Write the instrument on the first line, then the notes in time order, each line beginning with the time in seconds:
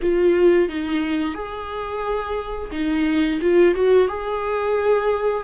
viola
0.02 F4
0.68 D#4
1.34 G#4
2.71 D#4
3.41 F4
3.75 F#4
4.08 G#4